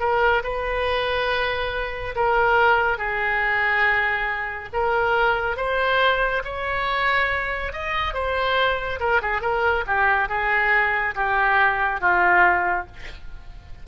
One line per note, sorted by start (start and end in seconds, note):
0.00 0.43 A#4
0.44 2.15 B4
2.15 2.98 A#4
2.98 4.69 G#4
4.73 5.57 A#4
5.57 6.43 C5
6.44 7.73 C#5
7.73 8.14 D#5
8.14 9.00 C5
9.00 9.21 A#4
9.22 9.42 G#4
9.42 9.85 A#4
9.86 10.29 G4
10.29 11.15 G#4
11.15 12.01 G4
12.01 12.86 F4